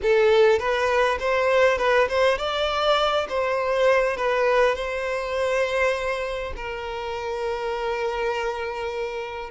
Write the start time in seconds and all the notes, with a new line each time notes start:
0.02 A4
0.59 B4
1.19 C5
1.78 B4
2.08 C5
2.38 D5
3.28 C5
4.16 B4
4.75 C5
6.56 A#4